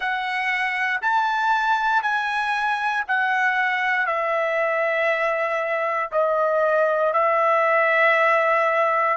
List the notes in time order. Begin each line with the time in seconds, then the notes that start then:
0.00 F#5
1.01 A5
2.02 G#5
3.07 F#5
4.06 E5
6.11 D#5
7.13 E5